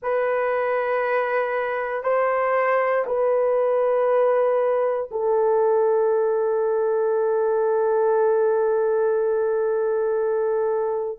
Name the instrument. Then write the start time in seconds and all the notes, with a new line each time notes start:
horn
0.02 B4
2.03 C5
3.06 B4
5.11 A4